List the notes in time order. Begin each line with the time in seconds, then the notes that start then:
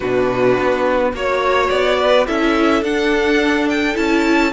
0.00 B2 D4 F#4 B4
0.59 B3
1.13 A#3 F#4 C#5
1.70 B3 D5
1.98 B4
2.27 C#4 E4 A4 E5
2.82 D4 F#5
3.69 G5
3.94 C#4 E4 A5